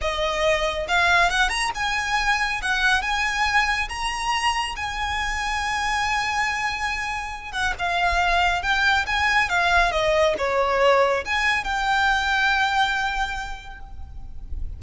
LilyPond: \new Staff \with { instrumentName = "violin" } { \time 4/4 \tempo 4 = 139 dis''2 f''4 fis''8 ais''8 | gis''2 fis''4 gis''4~ | gis''4 ais''2 gis''4~ | gis''1~ |
gis''4. fis''8 f''2 | g''4 gis''4 f''4 dis''4 | cis''2 gis''4 g''4~ | g''1 | }